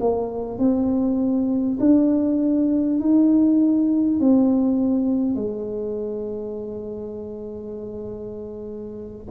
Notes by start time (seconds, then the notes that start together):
0.00 A#3
0.58 C4
1.79 D4
3.00 D#4
4.19 C4
5.36 G#3